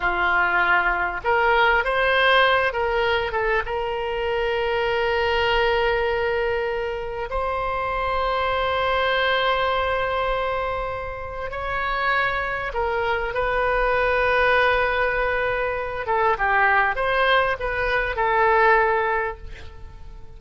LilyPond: \new Staff \with { instrumentName = "oboe" } { \time 4/4 \tempo 4 = 99 f'2 ais'4 c''4~ | c''8 ais'4 a'8 ais'2~ | ais'1 | c''1~ |
c''2. cis''4~ | cis''4 ais'4 b'2~ | b'2~ b'8 a'8 g'4 | c''4 b'4 a'2 | }